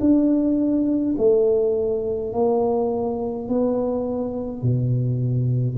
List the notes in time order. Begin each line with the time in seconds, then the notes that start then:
0.00 D4
1.18 A3
2.33 A#3
3.49 B3
4.62 B2